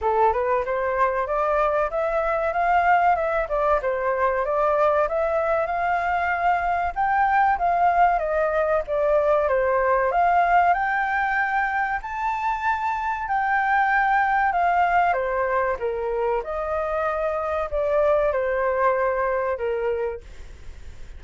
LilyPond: \new Staff \with { instrumentName = "flute" } { \time 4/4 \tempo 4 = 95 a'8 b'8 c''4 d''4 e''4 | f''4 e''8 d''8 c''4 d''4 | e''4 f''2 g''4 | f''4 dis''4 d''4 c''4 |
f''4 g''2 a''4~ | a''4 g''2 f''4 | c''4 ais'4 dis''2 | d''4 c''2 ais'4 | }